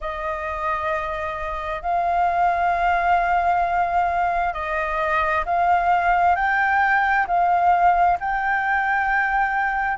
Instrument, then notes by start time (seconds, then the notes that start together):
flute
0.00 D#5
1.81 F5
4.53 D#5
5.45 F5
6.35 G5
7.27 F5
8.20 G5